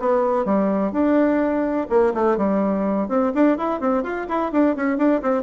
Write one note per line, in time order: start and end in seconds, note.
0.00 0.46 B3
0.46 0.92 G3
0.92 1.88 D4
1.90 2.14 A#3
2.15 2.37 A3
2.37 3.09 G3
3.09 3.33 C4
3.35 3.58 D4
3.58 3.81 E4
3.81 4.04 C4
4.04 4.27 F4
4.29 4.52 E4
4.52 4.76 D4
4.77 4.98 C#4
4.98 5.22 D4
5.22 5.43 C4